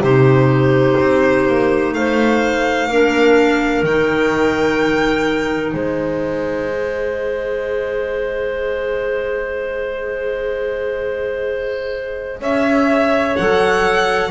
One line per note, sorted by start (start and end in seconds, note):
0.00 0.95 C3
0.00 2.89 D#4
0.00 1.94 G4
0.00 1.94 C5
1.00 1.47 C4
1.47 1.93 A#3
1.93 2.87 A3
1.93 2.88 C5
1.93 3.84 F5
2.87 3.82 A#3
2.87 3.86 D4
2.87 5.73 A#4
3.82 5.73 D#3
3.82 6.70 D#4
3.82 5.74 G5
5.73 12.41 G#3
5.73 12.39 C5
5.73 12.41 D#5
6.70 13.36 G#4
12.41 13.36 C#4
12.41 14.30 C#5
12.41 13.36 E5
13.36 14.30 F#3
13.36 14.30 A4
13.36 14.30 F#5